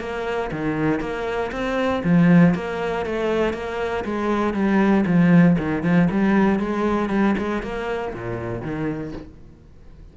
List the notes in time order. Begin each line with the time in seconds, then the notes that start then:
0.00 A#3
0.52 D#3
1.00 A#3
1.52 C4
2.04 F3
2.55 A#3
3.06 A3
3.53 A#3
4.04 G#3
4.54 G3
5.06 F3
5.58 D#3
5.83 F3
6.11 G3
6.59 G#3
7.10 G3
7.38 G#3
7.63 A#3
8.14 A#2
8.62 D#3